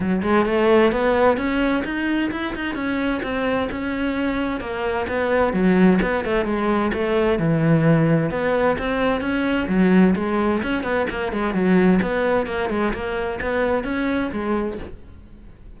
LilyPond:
\new Staff \with { instrumentName = "cello" } { \time 4/4 \tempo 4 = 130 fis8 gis8 a4 b4 cis'4 | dis'4 e'8 dis'8 cis'4 c'4 | cis'2 ais4 b4 | fis4 b8 a8 gis4 a4 |
e2 b4 c'4 | cis'4 fis4 gis4 cis'8 b8 | ais8 gis8 fis4 b4 ais8 gis8 | ais4 b4 cis'4 gis4 | }